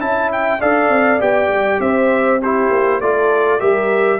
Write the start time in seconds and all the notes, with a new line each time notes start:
0.00 C#4 E4 E5 A5
0.32 G5
0.61 D4 A4 D5 F5
0.89 C4
1.20 B3 G4 G5
1.49 G3
1.80 C4 C5 E5
2.41 E4 G4 C5
2.70 A#3
3.00 A3 F4 A4 D5
3.60 G3 G4 A#4 E5